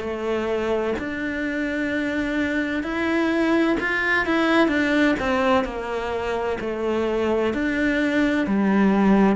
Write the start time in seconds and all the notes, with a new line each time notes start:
0.00 A3
0.99 D4
2.83 E4
3.80 F4
4.26 E4
4.68 D4
5.19 C4
5.64 A#3
6.61 A3
7.53 D4
8.47 G3